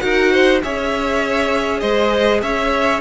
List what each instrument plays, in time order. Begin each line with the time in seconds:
0.00 cello D#4, viola F#4, violin A#4 F#5
0.32 violin C5
0.63 cello C#4, viola G#4, violin C#5 E5
1.80 cello G#3, violin C5 D#5
2.42 cello C#4, violin C#5 E5